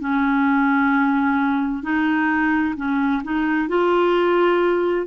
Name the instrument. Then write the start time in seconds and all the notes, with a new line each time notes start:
clarinet
0.00 C#4
1.83 D#4
2.76 C#4
3.24 D#4
3.68 F4